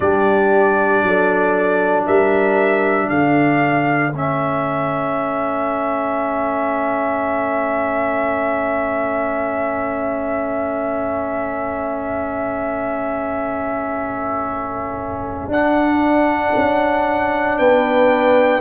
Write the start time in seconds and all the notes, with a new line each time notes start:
0.00 G3 D4 G4 D5
1.02 F#3 A4
2.06 G3 A#4 E5
3.07 D3 A4 F5
4.12 A3 C#4 E5
15.48 D4 F#5
16.55 C#4
17.58 B3 B4 G5